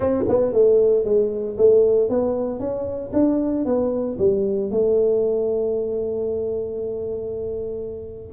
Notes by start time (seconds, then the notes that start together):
0.00 C4
0.28 B3
0.52 A3
1.04 G#3
1.57 A3
2.09 B3
2.59 C#4
3.13 D4
3.65 B3
4.18 G3
4.70 A3